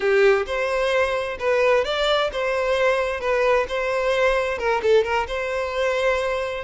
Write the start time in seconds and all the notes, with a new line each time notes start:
0.00 G4
0.46 C5
1.39 B4
1.84 D5
2.32 C5
3.20 B4
3.68 C5
4.58 A#4
4.82 A4
5.04 A#4
5.27 C5